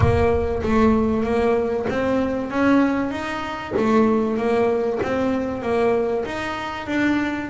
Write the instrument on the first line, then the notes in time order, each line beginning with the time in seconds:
double bass
0.00 A#3
0.62 A3
1.23 A#3
1.89 C4
2.50 C#4
3.11 D#4
3.77 A3
4.37 A#3
5.02 C4
5.62 A#3
6.25 D#4
6.87 D4